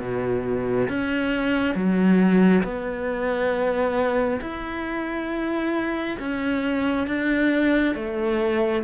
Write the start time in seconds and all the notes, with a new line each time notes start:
0.00 B2
0.88 C#4
1.75 F#3
2.63 B3
4.41 E4
6.19 C#4
7.07 D4
7.95 A3